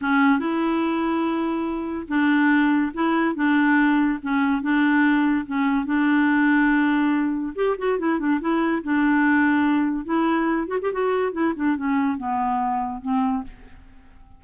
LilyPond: \new Staff \with { instrumentName = "clarinet" } { \time 4/4 \tempo 4 = 143 cis'4 e'2.~ | e'4 d'2 e'4 | d'2 cis'4 d'4~ | d'4 cis'4 d'2~ |
d'2 g'8 fis'8 e'8 d'8 | e'4 d'2. | e'4. fis'16 g'16 fis'4 e'8 d'8 | cis'4 b2 c'4 | }